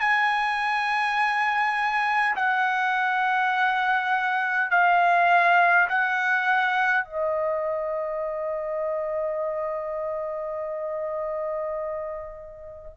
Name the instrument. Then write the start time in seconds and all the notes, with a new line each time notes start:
trumpet
0.00 G#5
2.36 F#5
4.71 F5
5.89 F#5
7.05 D#5